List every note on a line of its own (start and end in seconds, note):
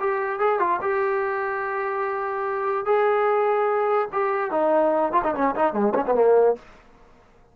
0.00 0.40 G4
0.40 0.60 G#4
0.60 0.80 F4
0.81 2.86 G4
2.86 4.09 G#4
4.13 4.51 G4
4.51 5.12 D#4
5.12 5.23 F4
5.24 5.34 D#4
5.35 5.55 C#4
5.56 5.73 D#4
5.73 5.94 G#3
5.95 6.05 C#4
6.06 6.15 B3
6.15 6.56 A#3